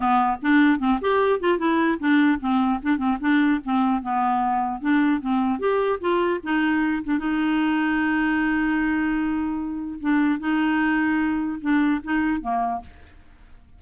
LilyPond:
\new Staff \with { instrumentName = "clarinet" } { \time 4/4 \tempo 4 = 150 b4 d'4 c'8 g'4 f'8 | e'4 d'4 c'4 d'8 c'8 | d'4 c'4 b2 | d'4 c'4 g'4 f'4 |
dis'4. d'8 dis'2~ | dis'1~ | dis'4 d'4 dis'2~ | dis'4 d'4 dis'4 ais4 | }